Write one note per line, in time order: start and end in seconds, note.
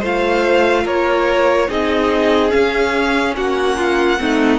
0.00 0.85 A3
0.00 1.68 F4
0.00 0.83 C5
0.00 0.87 F5
0.84 1.69 A#3
0.84 1.68 A#4
0.84 1.70 C#5
1.68 2.53 C4
1.68 2.50 D#4
1.68 3.35 G#4
1.68 2.51 D#5
2.50 4.17 C#4
2.50 3.37 C#4
2.50 3.34 F5
3.36 4.20 A#3
3.36 3.77 F#4
3.36 4.59 F#5
3.77 4.19 F4
4.18 4.59 A3
4.18 4.59 C4
4.18 4.59 D#4